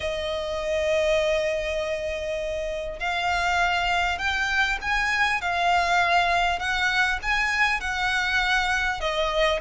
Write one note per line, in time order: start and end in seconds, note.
0.00 2.99 D#5
2.99 4.18 F5
4.18 4.78 G5
4.81 5.41 G#5
5.41 6.59 F5
6.59 7.19 F#5
7.22 7.80 G#5
7.80 9.00 F#5
9.00 9.60 D#5